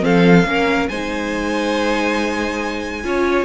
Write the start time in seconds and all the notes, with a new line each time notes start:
0.00 F3 C4 A4 F5
0.45 A#3 C#4 A#4
0.88 G#3 D#4 C5 G#5
3.03 C#4 F4 C#5